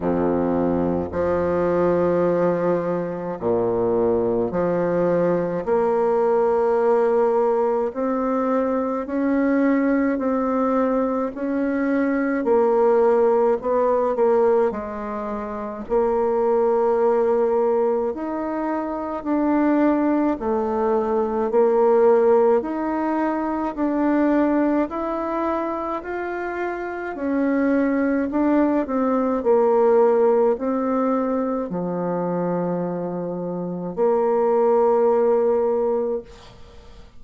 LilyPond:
\new Staff \with { instrumentName = "bassoon" } { \time 4/4 \tempo 4 = 53 f,4 f2 ais,4 | f4 ais2 c'4 | cis'4 c'4 cis'4 ais4 | b8 ais8 gis4 ais2 |
dis'4 d'4 a4 ais4 | dis'4 d'4 e'4 f'4 | cis'4 d'8 c'8 ais4 c'4 | f2 ais2 | }